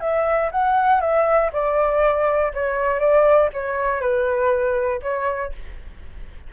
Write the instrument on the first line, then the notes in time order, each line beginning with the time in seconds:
flute
0.00 E5
0.51 F#5
1.01 E5
1.52 D5
2.54 C#5
2.99 D5
3.53 C#5
4.01 B4
5.02 C#5